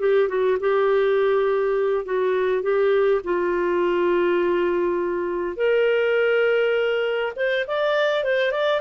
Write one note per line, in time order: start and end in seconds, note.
0.00 0.28 G4
0.28 0.58 F#4
0.60 2.05 G4
2.05 2.63 F#4
2.63 3.21 G4
3.24 5.57 F4
5.57 7.33 A#4
7.36 7.66 C5
7.68 8.24 D5
8.24 8.52 C5
8.52 8.81 D5